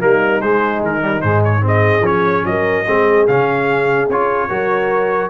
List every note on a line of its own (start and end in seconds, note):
0.00 0.43 G3
0.00 0.41 A#3
0.00 1.63 D#4
0.00 0.41 A#4
0.41 0.82 G#3
0.41 1.01 G#3
0.41 0.82 C5
0.82 1.23 D#3
0.82 1.22 A#4
1.01 1.22 G3
1.22 2.01 G#2
1.22 1.61 G#3
1.22 1.42 C5
1.44 1.65 C#5
1.61 2.02 C4
1.61 2.46 G#4
1.68 2.06 D#5
2.01 2.42 F3
2.01 2.85 C#4
2.01 2.46 C#5
2.45 2.86 F#3
2.45 2.86 A#4
2.45 3.27 D#5
2.86 3.28 G#3
2.86 3.28 C4
2.86 4.49 G#4
3.28 4.09 C#3
3.28 4.10 C#4
3.28 4.09 F5
4.09 4.49 C#4
4.09 4.49 F4
4.09 5.30 C#5
4.49 5.30 F#3
4.49 5.30 F#4
4.49 5.30 A#4